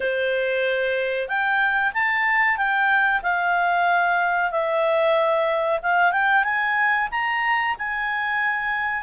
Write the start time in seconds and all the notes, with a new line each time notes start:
0.00 C5
1.28 G5
1.93 A5
2.57 G5
3.22 F5
4.51 E5
5.82 F5
6.12 G5
6.44 G#5
7.11 A#5
7.78 G#5